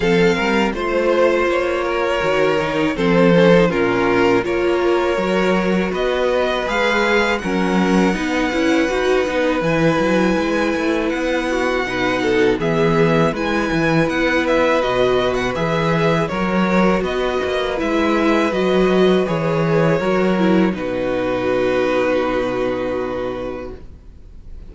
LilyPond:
<<
  \new Staff \with { instrumentName = "violin" } { \time 4/4 \tempo 4 = 81 f''4 c''4 cis''2 | c''4 ais'4 cis''2 | dis''4 f''4 fis''2~ | fis''4 gis''2 fis''4~ |
fis''4 e''4 gis''4 fis''8 e''8 | dis''8. fis''16 e''4 cis''4 dis''4 | e''4 dis''4 cis''2 | b'1 | }
  \new Staff \with { instrumentName = "violin" } { \time 4/4 a'8 ais'8 c''4. ais'4. | a'4 f'4 ais'2 | b'2 ais'4 b'4~ | b'2.~ b'8 fis'8 |
b'8 a'8 gis'4 b'2~ | b'2 ais'4 b'4~ | b'2. ais'4 | fis'1 | }
  \new Staff \with { instrumentName = "viola" } { \time 4/4 c'4 f'2 fis'8 dis'8 | c'8 cis'16 dis'16 cis'4 f'4 fis'4~ | fis'4 gis'4 cis'4 dis'8 e'8 | fis'8 dis'8 e'2. |
dis'4 b4 e'2 | fis'4 gis'4 fis'2 | e'4 fis'4 gis'4 fis'8 e'8 | dis'1 | }
  \new Staff \with { instrumentName = "cello" } { \time 4/4 f8 g8 a4 ais4 dis4 | f4 ais,4 ais4 fis4 | b4 gis4 fis4 b8 cis'8 | dis'8 b8 e8 fis8 gis8 a8 b4 |
b,4 e4 gis8 e8 b4 | b,4 e4 fis4 b8 ais8 | gis4 fis4 e4 fis4 | b,1 | }
>>